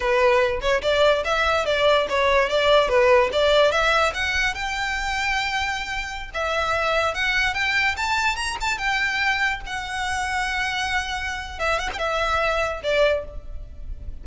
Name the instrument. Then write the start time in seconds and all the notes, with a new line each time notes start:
violin
0.00 B4
0.61 C#5
0.82 D5
1.24 E5
1.65 D5
2.09 C#5
2.49 D5
2.88 B4
3.32 D5
3.71 E5
4.14 F#5
4.54 G5
6.34 E5
7.14 F#5
7.54 G5
7.97 A5
8.36 A#5
8.60 A5
8.78 G5
9.66 F#5
11.59 E5
11.78 F#5
11.93 E5 G5
12.83 D5